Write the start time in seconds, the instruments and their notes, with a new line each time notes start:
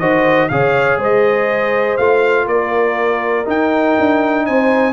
0.00 tuba D#3, trombone F#4, horn C5, trumpet D#5
0.49 tuba C#3, trombone G#4, horn C#5, trumpet F5
0.98 tuba G#3, horn C5
1.04 trumpet D#5
1.97 tuba A3, trombone F4, trumpet F5
2.47 tuba A#3, horn A#4, trumpet D5
3.45 trombone D#4, tuba D#4, trumpet G5
4.00 tuba D4
4.46 tuba C4, horn C5, trumpet G#5